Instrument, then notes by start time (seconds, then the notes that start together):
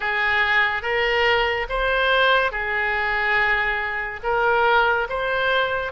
oboe
0.00 G#4
0.82 A#4
1.69 C5
2.51 G#4
4.23 A#4
5.09 C5